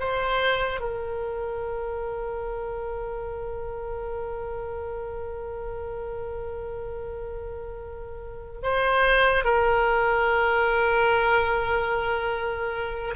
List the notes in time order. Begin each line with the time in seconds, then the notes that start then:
0.00 C5
0.81 A#4
8.63 C5
9.44 A#4